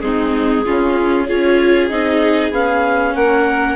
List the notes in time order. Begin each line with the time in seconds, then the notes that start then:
0.00 G#3 C4 D#4 G#4
0.66 C#3 C#4 F4
1.26 C#4 F4 G#4 C#5
1.89 C4 D#4 D#5
2.51 B3 C#4 F5
3.15 A#3 A#4 F#5